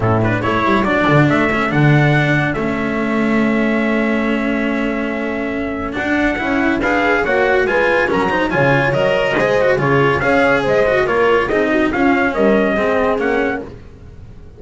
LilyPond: <<
  \new Staff \with { instrumentName = "trumpet" } { \time 4/4 \tempo 4 = 141 a'8 b'8 cis''4 d''4 e''4 | fis''2 e''2~ | e''1~ | e''2 fis''2 |
f''4 fis''4 gis''4 ais''4 | gis''4 dis''2 cis''4 | f''4 dis''4 cis''4 dis''4 | f''4 dis''2 fis''4 | }
  \new Staff \with { instrumentName = "horn" } { \time 4/4 e'4 a'2.~ | a'1~ | a'1~ | a'1 |
b'4 cis''4 b'4 ais'8 c''8 | cis''2 c''4 gis'4 | cis''4 c''4 ais'4 gis'8 fis'8 | f'4 ais'4 gis'2 | }
  \new Staff \with { instrumentName = "cello" } { \time 4/4 cis'8 d'8 e'4 d'4. cis'8 | d'2 cis'2~ | cis'1~ | cis'2 d'4 e'4 |
gis'4 fis'4 f'4 cis'8 dis'8 | f'4 ais'4 gis'8 fis'8 f'4 | gis'4. fis'8 f'4 dis'4 | cis'2 c'4 cis'4 | }
  \new Staff \with { instrumentName = "double bass" } { \time 4/4 a,4 a8 g8 fis8 d8 a4 | d2 a2~ | a1~ | a2 d'4 cis'4 |
d'4 ais4 gis4 fis4 | cis4 fis4 gis4 cis4 | cis'4 gis4 ais4 c'4 | cis'4 g4 gis4 ais4 | }
>>